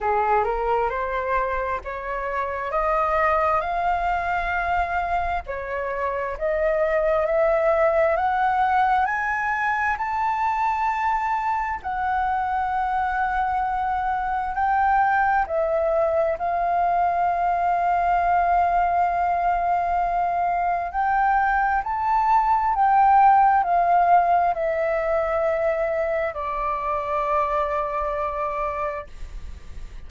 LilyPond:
\new Staff \with { instrumentName = "flute" } { \time 4/4 \tempo 4 = 66 gis'8 ais'8 c''4 cis''4 dis''4 | f''2 cis''4 dis''4 | e''4 fis''4 gis''4 a''4~ | a''4 fis''2. |
g''4 e''4 f''2~ | f''2. g''4 | a''4 g''4 f''4 e''4~ | e''4 d''2. | }